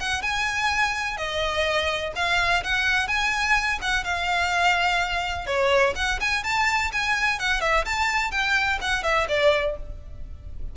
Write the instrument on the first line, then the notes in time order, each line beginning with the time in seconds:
violin
0.00 F#5
0.22 G#5
1.17 D#5
2.16 F5
2.63 F#5
3.08 G#5
3.81 F#5
4.04 F5
5.46 C#5
5.96 F#5
6.20 G#5
6.44 A5
6.92 G#5
7.39 F#5
7.61 E5
7.85 A5
8.31 G5
8.81 F#5
9.03 E5
9.29 D5